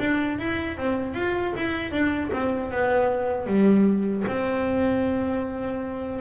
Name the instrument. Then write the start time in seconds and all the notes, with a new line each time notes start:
double bass
0.00 D4
0.39 E4
0.78 C4
1.14 F4
1.57 E4
1.92 D4
2.33 C4
2.72 B3
3.47 G3
4.28 C4